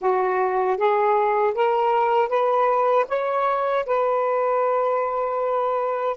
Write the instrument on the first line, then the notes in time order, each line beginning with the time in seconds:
saxophone
0.01 F#4
0.77 G#4
1.54 A#4
2.28 B4
3.08 C#5
3.86 B4